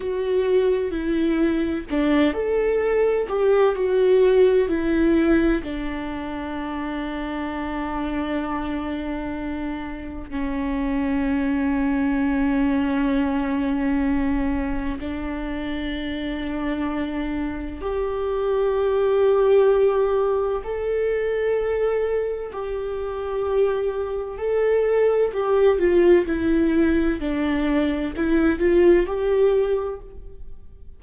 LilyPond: \new Staff \with { instrumentName = "viola" } { \time 4/4 \tempo 4 = 64 fis'4 e'4 d'8 a'4 g'8 | fis'4 e'4 d'2~ | d'2. cis'4~ | cis'1 |
d'2. g'4~ | g'2 a'2 | g'2 a'4 g'8 f'8 | e'4 d'4 e'8 f'8 g'4 | }